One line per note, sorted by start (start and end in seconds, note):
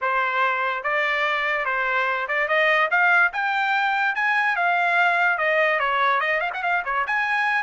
0.01 0.83 C5
0.83 1.65 D5
1.65 2.27 C5
2.28 2.48 D5
2.48 2.89 D#5
2.90 3.32 F5
3.32 4.15 G5
4.15 4.56 G#5
4.56 5.38 F5
5.38 5.79 D#5
5.79 6.20 C#5
6.20 6.40 D#5
6.40 6.50 F5
6.53 6.62 F#5
6.62 6.83 F5
6.85 7.05 C#5
7.06 7.63 G#5